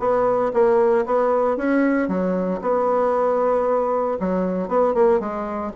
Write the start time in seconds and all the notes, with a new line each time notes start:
0.00 B3
0.54 A#3
1.06 B3
1.57 C#4
2.08 F#3
2.62 B3
4.20 F#3
4.69 B3
4.95 A#3
5.20 G#3